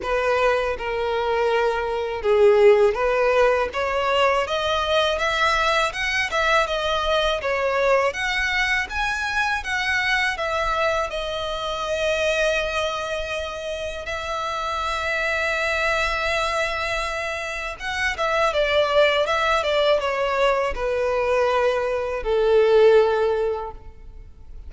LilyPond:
\new Staff \with { instrumentName = "violin" } { \time 4/4 \tempo 4 = 81 b'4 ais'2 gis'4 | b'4 cis''4 dis''4 e''4 | fis''8 e''8 dis''4 cis''4 fis''4 | gis''4 fis''4 e''4 dis''4~ |
dis''2. e''4~ | e''1 | fis''8 e''8 d''4 e''8 d''8 cis''4 | b'2 a'2 | }